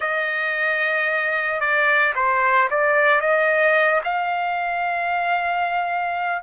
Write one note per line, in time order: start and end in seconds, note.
0.00 1.60 D#5
1.60 2.13 D5
2.15 2.68 C5
2.70 3.20 D5
3.20 4.01 D#5
4.04 6.42 F5